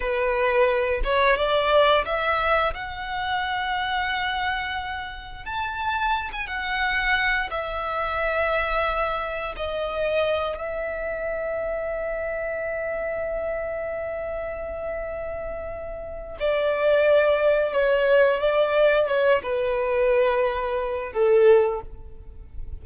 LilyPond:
\new Staff \with { instrumentName = "violin" } { \time 4/4 \tempo 4 = 88 b'4. cis''8 d''4 e''4 | fis''1 | a''4~ a''16 gis''16 fis''4. e''4~ | e''2 dis''4. e''8~ |
e''1~ | e''1 | d''2 cis''4 d''4 | cis''8 b'2~ b'8 a'4 | }